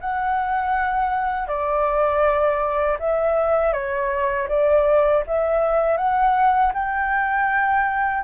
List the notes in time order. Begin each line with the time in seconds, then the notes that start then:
0.00 F#5
1.47 D5
2.99 E5
3.72 C#5
4.48 D5
5.26 E5
5.97 F#5
6.73 G5